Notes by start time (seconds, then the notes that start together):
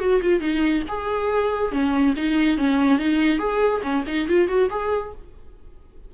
0.00 F#4
0.22 F4
0.40 D#4
0.88 G#4
1.72 C#4
2.17 D#4
2.58 C#4
2.99 D#4
3.39 G#4
3.83 C#4
4.07 D#4
4.28 F4
4.48 F#4
4.70 G#4